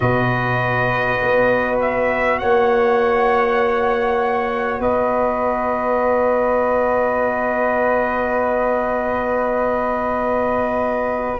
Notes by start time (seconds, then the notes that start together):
0.00 B2 F#4 B4 D#5
1.22 B3
1.81 E5
2.38 A#3 C#5 F#5
4.79 B3 B4 D#5